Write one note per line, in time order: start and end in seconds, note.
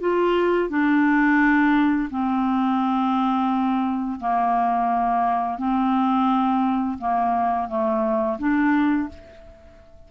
0.00 0.69 F4
0.69 2.09 D4
2.10 4.20 C4
4.20 5.58 A#3
5.58 6.98 C4
6.98 7.68 A#3
7.68 8.38 A3
8.39 9.09 D4